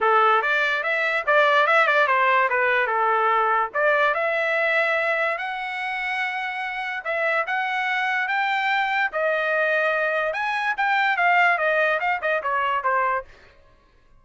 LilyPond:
\new Staff \with { instrumentName = "trumpet" } { \time 4/4 \tempo 4 = 145 a'4 d''4 e''4 d''4 | e''8 d''8 c''4 b'4 a'4~ | a'4 d''4 e''2~ | e''4 fis''2.~ |
fis''4 e''4 fis''2 | g''2 dis''2~ | dis''4 gis''4 g''4 f''4 | dis''4 f''8 dis''8 cis''4 c''4 | }